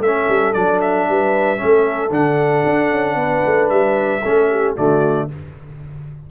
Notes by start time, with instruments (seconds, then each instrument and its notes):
0.00 tuba A3, trombone C#4, horn A4, trumpet E5
0.29 tuba G3
0.53 tuba F#3, trombone D4, trumpet D5
0.81 trumpet E5
1.09 tuba G3, horn B4
1.57 trombone C#4, horn A4
1.63 tuba A3
2.10 tuba D3, trombone D4, trumpet F#5
2.66 tuba D4
2.91 tuba C#4
3.15 tuba B3, horn B4
3.46 tuba A3
3.69 tuba G3, trumpet E5
4.22 tuba A3, trombone C#4, horn A4
4.50 horn G4
4.76 tuba D3, trombone A3, horn F#4, trumpet D5